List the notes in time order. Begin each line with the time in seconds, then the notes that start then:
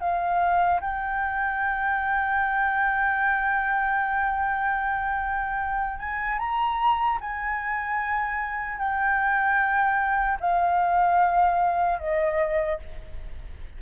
0.00 F5
0.80 G5
5.99 G#5
6.39 A#5
7.20 G#5
8.78 G5
10.40 F5
11.99 D#5